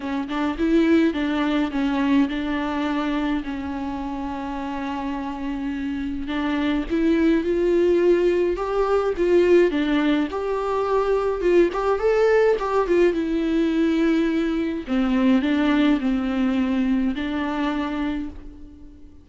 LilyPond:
\new Staff \with { instrumentName = "viola" } { \time 4/4 \tempo 4 = 105 cis'8 d'8 e'4 d'4 cis'4 | d'2 cis'2~ | cis'2. d'4 | e'4 f'2 g'4 |
f'4 d'4 g'2 | f'8 g'8 a'4 g'8 f'8 e'4~ | e'2 c'4 d'4 | c'2 d'2 | }